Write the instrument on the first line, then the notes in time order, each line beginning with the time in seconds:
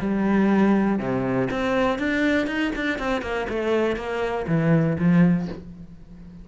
cello
0.00 G3
0.99 C3
1.51 C4
1.99 D4
2.47 D#4
2.75 D4
2.99 C4
3.22 A#3
3.49 A3
3.96 A#3
4.47 E3
4.98 F3